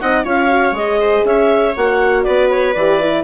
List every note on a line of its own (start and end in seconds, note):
0.00 0.25 C4
0.00 0.25 D#4
0.00 0.24 D#5
0.00 0.25 F#5
0.24 0.72 C#4
0.24 0.48 F4
0.24 0.99 C#5
0.24 0.76 F5
0.48 0.73 F#4
0.72 1.22 G#3
0.72 1.75 G#4
0.72 1.26 D#5
1.01 1.26 C5
1.25 1.75 C#4
1.25 2.26 C#5
1.25 1.76 E5
1.77 2.27 A#3
1.77 2.77 F#4
1.77 2.24 F#5
2.24 2.76 B3
2.24 3.25 B4
2.24 2.49 D5
2.51 2.74 C#5
2.74 3.25 E3
2.74 3.01 G4
2.74 3.24 D5
3.01 3.25 E4